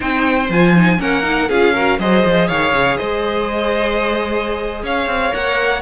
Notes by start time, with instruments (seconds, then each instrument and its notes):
0.00 cello C4, viola D#4, violin C5 G5
0.49 cello F3, viola F4, violin G#5
0.75 viola D#4
0.98 cello A#3, viola C#4, violin A#4 F#5
1.22 viola D#4
1.48 cello C#4, viola F4, violin G#4 F5
1.73 viola F#4, violin A#4
1.99 cello F#3, viola G#4, violin C5 D#5
2.24 cello F3
2.47 cello D#3, violin C#5 F5
2.72 cello C#3
2.97 cello G#3, violin C5 D#5
4.82 cello C#4, violin C#5 F5
5.06 cello C4
5.30 cello A#3, viola A#4, violin F#5